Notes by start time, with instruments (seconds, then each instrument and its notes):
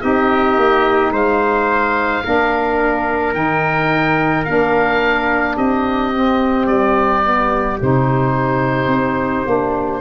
0.00 tuba C4, saxophone D#4, trumpet G4, oboe D#5
0.57 tuba A#3
1.11 tuba G#3, trumpet C5, oboe F5
2.24 tuba A#3, saxophone D4, trumpet A#4
3.34 tuba D#3, saxophone D#4, oboe G5
4.45 tuba A#3, saxophone D4, oboe F5
5.56 tuba C4, trumpet G4, oboe D#5
6.12 saxophone C4
6.67 tuba G3, oboe D5
7.23 saxophone B3
7.81 tuba C3, saxophone D#4, oboe C5
8.87 tuba C4
9.46 tuba A#3, saxophone D4